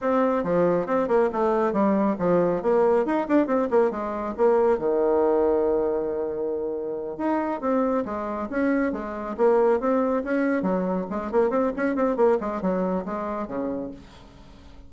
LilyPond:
\new Staff \with { instrumentName = "bassoon" } { \time 4/4 \tempo 4 = 138 c'4 f4 c'8 ais8 a4 | g4 f4 ais4 dis'8 d'8 | c'8 ais8 gis4 ais4 dis4~ | dis1~ |
dis8 dis'4 c'4 gis4 cis'8~ | cis'8 gis4 ais4 c'4 cis'8~ | cis'8 fis4 gis8 ais8 c'8 cis'8 c'8 | ais8 gis8 fis4 gis4 cis4 | }